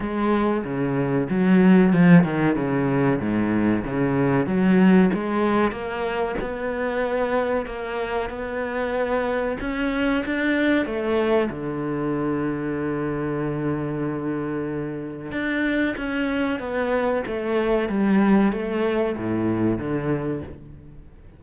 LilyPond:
\new Staff \with { instrumentName = "cello" } { \time 4/4 \tempo 4 = 94 gis4 cis4 fis4 f8 dis8 | cis4 gis,4 cis4 fis4 | gis4 ais4 b2 | ais4 b2 cis'4 |
d'4 a4 d2~ | d1 | d'4 cis'4 b4 a4 | g4 a4 a,4 d4 | }